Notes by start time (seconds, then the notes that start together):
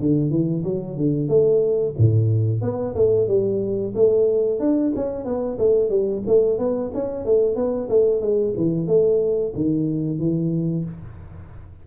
0.00 D3
0.31 E3
0.64 F#3
0.97 D3
1.29 A3
1.98 A2
2.62 B3
2.96 A3
3.28 G3
3.95 A3
4.60 D4
4.96 C#4
5.25 B3
5.58 A3
5.90 G3
6.27 A3
6.58 B3
6.94 C#4
7.25 A3
7.56 B3
7.89 A3
8.21 G#3
8.57 E3
8.87 A3
9.55 D#3
10.19 E3